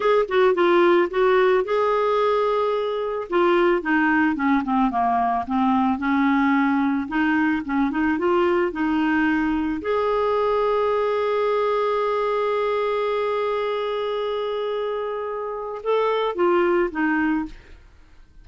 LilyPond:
\new Staff \with { instrumentName = "clarinet" } { \time 4/4 \tempo 4 = 110 gis'8 fis'8 f'4 fis'4 gis'4~ | gis'2 f'4 dis'4 | cis'8 c'8 ais4 c'4 cis'4~ | cis'4 dis'4 cis'8 dis'8 f'4 |
dis'2 gis'2~ | gis'1~ | gis'1~ | gis'4 a'4 f'4 dis'4 | }